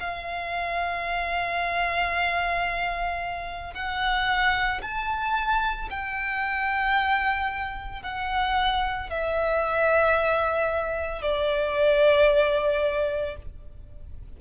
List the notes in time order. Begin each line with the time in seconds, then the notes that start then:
0.00 F5
3.74 F#5
4.82 A5
5.91 G5
8.03 F#5
9.10 E5
11.22 D5